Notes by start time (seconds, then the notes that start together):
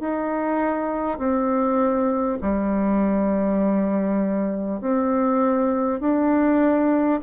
0.00 D#4
1.18 C4
2.42 G3
4.81 C4
6.01 D4